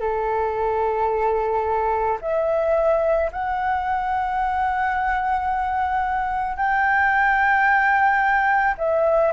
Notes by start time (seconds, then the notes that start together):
0.00 A4
2.21 E5
3.32 F#5
6.56 G5
8.77 E5